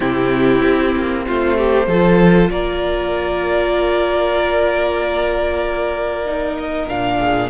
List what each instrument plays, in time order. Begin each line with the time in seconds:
0.00 cello C3, viola C4, violin E4 G4
0.63 cello C4
0.96 cello A#3
1.26 cello A3, violin F4 C5
1.57 violin G4
1.87 cello F3, viola F4, violin A4
2.50 cello A#3, violin A#4 D5
6.25 viola D#4
6.57 violin D#5
6.88 cello A#2, viola D4, violin F5
7.18 violin G#4